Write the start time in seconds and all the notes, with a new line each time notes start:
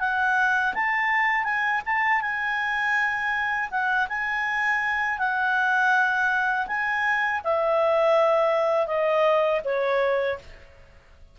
0.00 F#5
0.74 A5
1.44 G#5
1.86 A5
2.22 G#5
3.71 F#5
4.09 G#5
5.19 F#5
6.67 G#5
7.44 E5
8.87 D#5
9.65 C#5